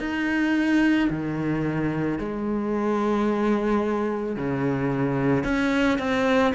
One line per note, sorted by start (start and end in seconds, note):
0.00 1.09 D#4
1.10 2.18 D#3
2.18 4.36 G#3
4.36 5.44 C#3
5.44 5.99 C#4
5.99 6.53 C4